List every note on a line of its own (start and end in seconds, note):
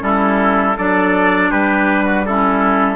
0.00 0.77 G3
0.00 0.74 C#4
0.00 0.77 E4
0.00 0.78 A4
0.77 1.52 F#3
0.77 2.27 D4
0.77 1.50 A4
0.77 1.52 D5
1.50 2.96 G3
1.50 2.05 G4
1.50 2.26 B4
2.05 2.23 F#4
2.26 2.96 C#4
2.26 2.96 E4
2.26 2.96 A4